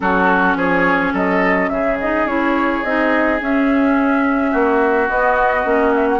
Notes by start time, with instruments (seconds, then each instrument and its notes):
0.00 bassoon F#3, clarinet C#4, oboe F#4, flute A4
0.55 bassoon F3, oboe G#4, flute C#5
1.13 bassoon F#3, oboe A4, flute D#5
1.69 bassoon C#3, oboe G#4, flute E5
2.00 clarinet D#4, flute D#5
2.25 bassoon C#4, clarinet E4, flute C#5
2.83 bassoon C4, clarinet D#4, flute D#5
3.39 clarinet C#4, bassoon C#4, flute E5
4.51 bassoon A#3, oboe F#4
5.08 bassoon B3, clarinet B3, flute D#5
5.63 bassoon A#3, clarinet C#4
5.94 flute E5
6.09 flute F#5